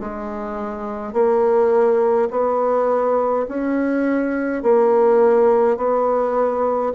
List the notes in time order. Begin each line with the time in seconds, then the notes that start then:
0.00 G#3
1.13 A#3
2.31 B3
3.48 C#4
4.63 A#3
5.77 B3